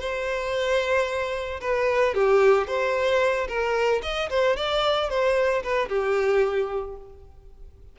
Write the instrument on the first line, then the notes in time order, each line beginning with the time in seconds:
violin
0.00 C5
1.61 B4
2.15 G4
2.67 C5
3.48 A#4
4.03 D#5
4.30 C5
4.57 D5
5.10 C5
5.63 B4
5.89 G4